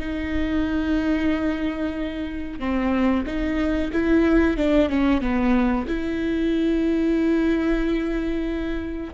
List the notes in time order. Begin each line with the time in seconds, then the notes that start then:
0.00 D#4
2.60 C4
3.27 D#4
3.93 E4
4.57 D4
4.90 C#4
5.22 B3
5.88 E4